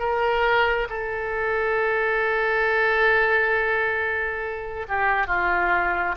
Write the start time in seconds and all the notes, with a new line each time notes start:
0.00 A#4
0.90 A4
4.89 G4
5.27 F4